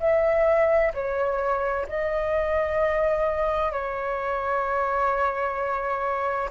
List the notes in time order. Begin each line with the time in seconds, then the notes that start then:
0.00 E5
0.94 C#5
1.88 D#5
3.72 C#5